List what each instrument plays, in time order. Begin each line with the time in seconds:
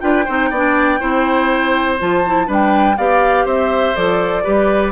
0.00 bassoon D4, clarinet F4, oboe B4, flute G5
0.25 bassoon C4, clarinet D#4, oboe C5
0.51 bassoon B3, clarinet D4, oboe D5
0.99 bassoon C4, clarinet E4, oboe C5
1.99 bassoon F3, clarinet F4, flute A5
2.26 clarinet E4
2.46 bassoon G3, clarinet D4, oboe B4
2.53 flute G5
2.97 bassoon B3, clarinet G4, oboe D5, flute F5
3.45 bassoon C4, oboe C5, flute E5
3.95 bassoon F3, clarinet A4, flute D5
4.44 bassoon G3, clarinet G4, oboe B4